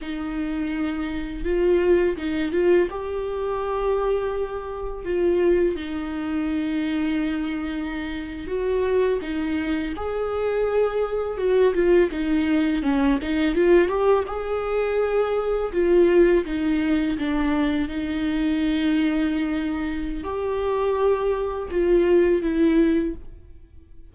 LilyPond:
\new Staff \with { instrumentName = "viola" } { \time 4/4 \tempo 4 = 83 dis'2 f'4 dis'8 f'8 | g'2. f'4 | dis'2.~ dis'8. fis'16~ | fis'8. dis'4 gis'2 fis'16~ |
fis'16 f'8 dis'4 cis'8 dis'8 f'8 g'8 gis'16~ | gis'4.~ gis'16 f'4 dis'4 d'16~ | d'8. dis'2.~ dis'16 | g'2 f'4 e'4 | }